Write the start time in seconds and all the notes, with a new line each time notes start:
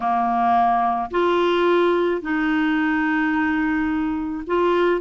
0.00 A#3
1.11 F4
2.21 D#4
4.46 F4